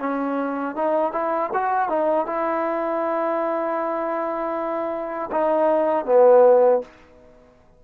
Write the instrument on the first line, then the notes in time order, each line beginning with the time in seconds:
trombone
0.00 C#4
0.76 D#4
1.13 E4
1.54 F#4
1.89 D#4
2.27 E4
5.32 D#4
6.06 B3